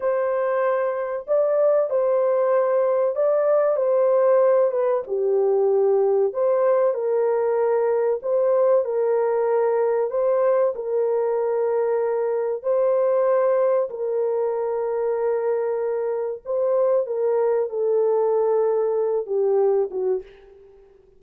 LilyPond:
\new Staff \with { instrumentName = "horn" } { \time 4/4 \tempo 4 = 95 c''2 d''4 c''4~ | c''4 d''4 c''4. b'8 | g'2 c''4 ais'4~ | ais'4 c''4 ais'2 |
c''4 ais'2. | c''2 ais'2~ | ais'2 c''4 ais'4 | a'2~ a'8 g'4 fis'8 | }